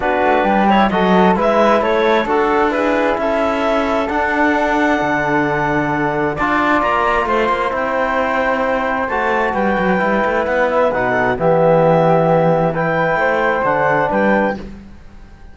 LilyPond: <<
  \new Staff \with { instrumentName = "clarinet" } { \time 4/4 \tempo 4 = 132 b'4. cis''8 dis''4 e''4 | cis''4 a'4 b'4 e''4~ | e''4 fis''2.~ | fis''2 a''4 ais''4 |
c'''4 g''2. | a''4 g''2 fis''8 e''8 | fis''4 e''2. | g''2 fis''4 g''4 | }
  \new Staff \with { instrumentName = "flute" } { \time 4/4 fis'4 g'4 a'4 b'4 | a'2 gis'4 a'4~ | a'1~ | a'2 d''2 |
c''1~ | c''4 b'2.~ | b'8 a'8 g'2. | b'4 c''2 b'4 | }
  \new Staff \with { instrumentName = "trombone" } { \time 4/4 d'4. e'8 fis'4 e'4~ | e'4 fis'4 e'2~ | e'4 d'2.~ | d'2 f'2~ |
f'4 e'2. | fis'2 e'2 | dis'4 b2. | e'2 d'2 | }
  \new Staff \with { instrumentName = "cello" } { \time 4/4 b8 a8 g4 fis4 gis4 | a4 d'2 cis'4~ | cis'4 d'2 d4~ | d2 d'4 ais4 |
a8 ais8 c'2. | a4 g8 fis8 g8 a8 b4 | b,4 e2.~ | e4 a4 d4 g4 | }
>>